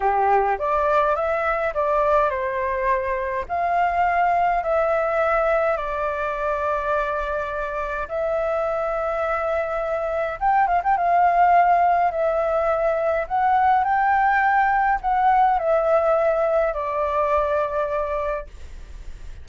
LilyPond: \new Staff \with { instrumentName = "flute" } { \time 4/4 \tempo 4 = 104 g'4 d''4 e''4 d''4 | c''2 f''2 | e''2 d''2~ | d''2 e''2~ |
e''2 g''8 f''16 g''16 f''4~ | f''4 e''2 fis''4 | g''2 fis''4 e''4~ | e''4 d''2. | }